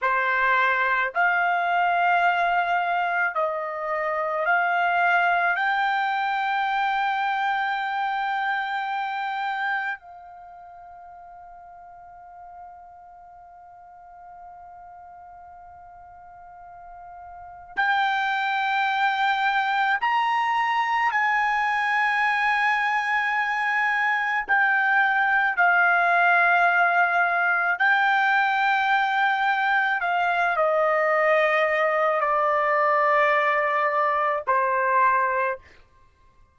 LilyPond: \new Staff \with { instrumentName = "trumpet" } { \time 4/4 \tempo 4 = 54 c''4 f''2 dis''4 | f''4 g''2.~ | g''4 f''2.~ | f''1 |
g''2 ais''4 gis''4~ | gis''2 g''4 f''4~ | f''4 g''2 f''8 dis''8~ | dis''4 d''2 c''4 | }